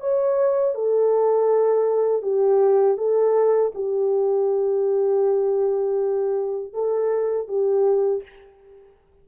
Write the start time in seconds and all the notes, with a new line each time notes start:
0.00 C#5
0.74 A4
2.22 G4
2.97 A4
3.74 G4
6.73 A4
7.47 G4